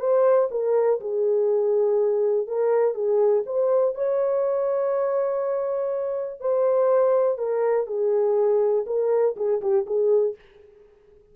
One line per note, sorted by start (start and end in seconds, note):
0.00 0.49 C5
0.51 1.01 A#4
1.01 2.47 G#4
2.47 2.95 A#4
2.95 3.44 G#4
3.46 3.95 C5
3.95 6.41 C#5
6.41 7.39 C5
7.39 7.87 A#4
7.87 8.86 G#4
8.87 9.36 A#4
9.37 9.61 G#4
9.61 9.86 G4
9.87 10.36 G#4